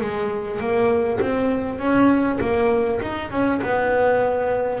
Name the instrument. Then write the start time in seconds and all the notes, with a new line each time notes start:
double bass
0.00 G#3
0.59 A#3
1.21 C4
1.78 C#4
2.41 A#3
3.01 D#4
3.31 C#4
3.62 B3